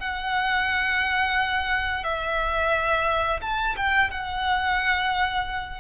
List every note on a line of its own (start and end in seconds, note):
0.00 2.04 F#5
2.04 3.40 E5
3.42 3.76 A5
3.77 4.11 G5
4.11 5.80 F#5